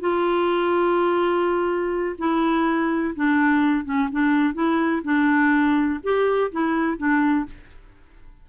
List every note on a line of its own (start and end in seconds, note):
0.00 2.16 F4
2.18 3.14 E4
3.15 3.84 D4
3.84 4.08 C#4
4.11 4.54 D4
4.54 5.02 E4
5.04 6.00 D4
6.03 6.51 G4
6.51 6.97 E4
6.97 7.45 D4